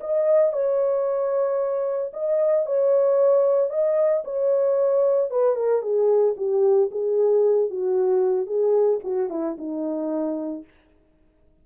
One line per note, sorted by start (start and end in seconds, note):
0.00 0.52 D#5
0.52 2.12 C#5
2.13 2.66 D#5
2.66 3.70 C#5
3.70 4.23 D#5
4.24 5.30 C#5
5.30 5.55 B4
5.55 5.82 A#4
5.82 6.35 G#4
6.36 6.90 G4
6.91 7.70 G#4
7.70 8.46 F#4
8.46 8.99 G#4
9.03 9.29 F#4
9.29 9.56 E4
9.58 10.64 D#4